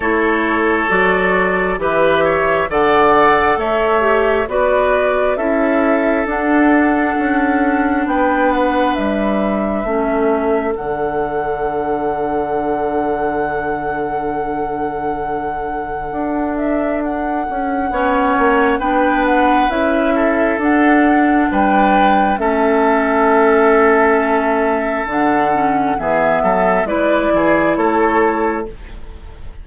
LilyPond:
<<
  \new Staff \with { instrumentName = "flute" } { \time 4/4 \tempo 4 = 67 cis''4 d''4 e''4 fis''4 | e''4 d''4 e''4 fis''4~ | fis''4 g''8 fis''8 e''2 | fis''1~ |
fis''2~ fis''8 e''8 fis''4~ | fis''4 g''8 fis''8 e''4 fis''4 | g''4 e''2. | fis''4 e''4 d''4 cis''4 | }
  \new Staff \with { instrumentName = "oboe" } { \time 4/4 a'2 b'8 cis''8 d''4 | cis''4 b'4 a'2~ | a'4 b'2 a'4~ | a'1~ |
a'1 | cis''4 b'4. a'4. | b'4 a'2.~ | a'4 gis'8 a'8 b'8 gis'8 a'4 | }
  \new Staff \with { instrumentName = "clarinet" } { \time 4/4 e'4 fis'4 g'4 a'4~ | a'8 g'8 fis'4 e'4 d'4~ | d'2. cis'4 | d'1~ |
d'1 | cis'4 d'4 e'4 d'4~ | d'4 cis'2. | d'8 cis'8 b4 e'2 | }
  \new Staff \with { instrumentName = "bassoon" } { \time 4/4 a4 fis4 e4 d4 | a4 b4 cis'4 d'4 | cis'4 b4 g4 a4 | d1~ |
d2 d'4. cis'8 | b8 ais8 b4 cis'4 d'4 | g4 a2. | d4 e8 fis8 gis8 e8 a4 | }
>>